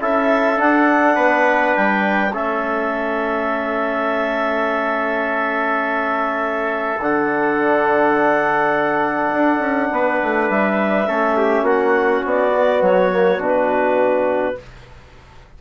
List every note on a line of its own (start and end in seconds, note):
0.00 0.59 C#4
0.00 0.56 E4
0.00 1.15 A4
0.00 0.60 E5
0.56 2.31 D4
0.56 1.16 D4
0.56 1.75 F#5
1.15 1.75 B3
1.15 2.32 B4
1.75 2.35 G3
1.75 2.33 G5
2.33 6.99 A3
2.33 6.99 C#4
2.33 9.91 A4
2.33 7.00 E5
6.99 9.32 D3
6.99 11.07 D4
6.99 10.50 F#5
9.32 9.59 D4
9.59 9.88 C#4
9.91 10.20 B3
9.91 11.08 B4
10.22 10.49 A3
10.49 11.08 G3
10.49 11.65 E5
11.07 11.62 A3
11.07 12.52 C#4
11.07 11.37 A4
11.37 11.64 G4
11.62 12.20 A#3
11.62 14.55 F#4
11.62 12.24 F#5
12.25 12.81 B3
12.25 12.83 D5
12.55 13.11 B3
12.81 13.39 F#3
12.81 13.41 C#5
13.11 13.38 A#3
13.38 14.55 B2
13.38 14.55 D4
13.38 14.61 B4